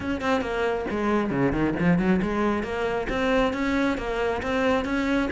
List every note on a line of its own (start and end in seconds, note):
0.00 0.21 C#4
0.21 0.41 C4
0.41 0.85 A#3
0.90 1.30 G#3
1.30 1.52 C#3
1.52 1.74 D#3
1.79 1.98 F3
1.98 2.20 F#3
2.22 2.63 G#3
2.63 3.07 A#3
3.09 3.53 C4
3.53 3.97 C#4
3.97 4.41 A#3
4.42 4.84 C4
4.84 5.29 C#4